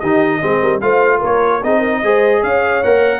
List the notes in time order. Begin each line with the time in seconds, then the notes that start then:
0.00 D#3 D#4 G4 D#5
0.42 G#3 C4 G#4
0.62 G3 A#4
0.81 A3 F4 C5 F5
1.19 A#3 A#4 C#5
1.63 C4 D#4 G#4 D#5
1.79 A#4
2.03 G#3 G#4 C5
2.42 C#4 C#5 F5
2.84 A#3 A#4 F#5